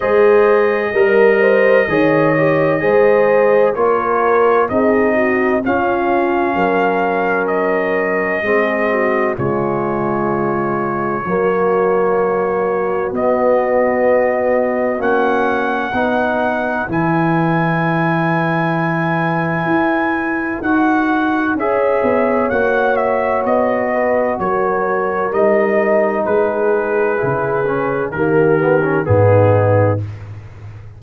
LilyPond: <<
  \new Staff \with { instrumentName = "trumpet" } { \time 4/4 \tempo 4 = 64 dis''1 | cis''4 dis''4 f''2 | dis''2 cis''2~ | cis''2 dis''2 |
fis''2 gis''2~ | gis''2 fis''4 e''4 | fis''8 e''8 dis''4 cis''4 dis''4 | b'2 ais'4 gis'4 | }
  \new Staff \with { instrumentName = "horn" } { \time 4/4 c''4 ais'8 c''8 cis''4 c''4 | ais'4 gis'8 fis'8 f'4 ais'4~ | ais'4 gis'8 fis'8 f'2 | fis'1~ |
fis'4 b'2.~ | b'2. cis''4~ | cis''4. b'8 ais'2 | gis'2 g'4 dis'4 | }
  \new Staff \with { instrumentName = "trombone" } { \time 4/4 gis'4 ais'4 gis'8 g'8 gis'4 | f'4 dis'4 cis'2~ | cis'4 c'4 gis2 | ais2 b2 |
cis'4 dis'4 e'2~ | e'2 fis'4 gis'4 | fis'2. dis'4~ | dis'4 e'8 cis'8 ais8 b16 cis'16 b4 | }
  \new Staff \with { instrumentName = "tuba" } { \time 4/4 gis4 g4 dis4 gis4 | ais4 c'4 cis'4 fis4~ | fis4 gis4 cis2 | fis2 b2 |
ais4 b4 e2~ | e4 e'4 dis'4 cis'8 b8 | ais4 b4 fis4 g4 | gis4 cis4 dis4 gis,4 | }
>>